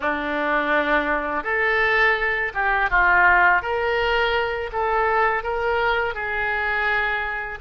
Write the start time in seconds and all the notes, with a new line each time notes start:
0.00 D4
1.43 A4
2.54 G4
2.89 F4
3.62 A#4
4.72 A4
5.43 A#4
6.14 G#4